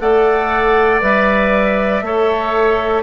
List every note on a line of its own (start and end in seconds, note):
0.00 1.03 A3
0.00 1.01 A4
0.00 2.06 D5
0.00 1.02 F#5
1.01 2.02 G3
1.01 2.03 B4
1.01 3.04 E5
2.02 3.04 A3
2.02 3.04 A4
2.02 3.04 C#5